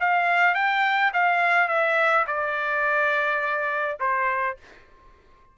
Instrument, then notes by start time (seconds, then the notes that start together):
trumpet
0.00 F5
0.54 G5
1.13 F5
1.68 E5
2.26 D5
3.99 C5